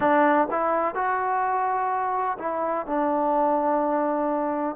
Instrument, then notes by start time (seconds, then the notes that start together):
trombone
0.00 D4
0.50 E4
0.94 F#4
2.38 E4
2.86 D4